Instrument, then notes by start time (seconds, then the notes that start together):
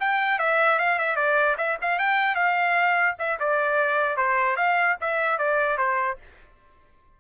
trumpet
0.00 G5
0.39 E5
0.79 F5
0.99 E5
1.16 D5
1.58 E5
1.81 F5
1.99 G5
2.36 F5
3.19 E5
3.40 D5
4.17 C5
4.57 F5
5.01 E5
5.39 D5
5.77 C5